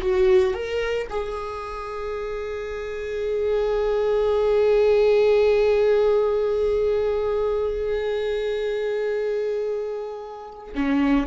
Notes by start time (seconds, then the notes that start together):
0.00 F#4
0.54 A#4
1.09 G#4
10.74 C#4